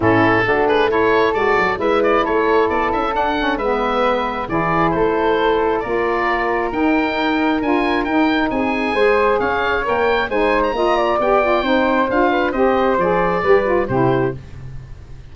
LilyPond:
<<
  \new Staff \with { instrumentName = "oboe" } { \time 4/4 \tempo 4 = 134 a'4. b'8 cis''4 d''4 | e''8 d''8 cis''4 d''8 e''8 fis''4 | e''2 d''4 c''4~ | c''4 d''2 g''4~ |
g''4 gis''4 g''4 gis''4~ | gis''4 f''4 g''4 gis''8. ais''16~ | ais''4 g''2 f''4 | dis''4 d''2 c''4 | }
  \new Staff \with { instrumentName = "flute" } { \time 4/4 e'4 fis'8 gis'8 a'2 | b'4 a'2. | b'2 gis'4 a'4~ | a'4 ais'2.~ |
ais'2. gis'4 | c''4 cis''2 c''4 | dis''8 d''4. c''4. b'8 | c''2 b'4 g'4 | }
  \new Staff \with { instrumentName = "saxophone" } { \time 4/4 cis'4 d'4 e'4 fis'4 | e'2. d'8 cis'8 | b2 e'2~ | e'4 f'2 dis'4~ |
dis'4 f'4 dis'2 | gis'2 ais'4 dis'4 | f'4 g'8 f'8 dis'4 f'4 | g'4 gis'4 g'8 f'8 e'4 | }
  \new Staff \with { instrumentName = "tuba" } { \time 4/4 a,4 a2 gis8 fis8 | gis4 a4 b8 cis'8 d'4 | gis2 e4 a4~ | a4 ais2 dis'4~ |
dis'4 d'4 dis'4 c'4 | gis4 cis'4 ais4 gis4 | ais4 b4 c'4 d'4 | c'4 f4 g4 c4 | }
>>